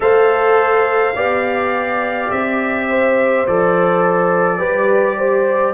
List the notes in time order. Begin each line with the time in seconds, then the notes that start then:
0.00 A3 A4 C5 F5
1.14 B3 G4 D5
2.31 C4 E5
2.89 C5
3.46 F3 A4 D5
4.58 G3 G4 B4
5.17 C5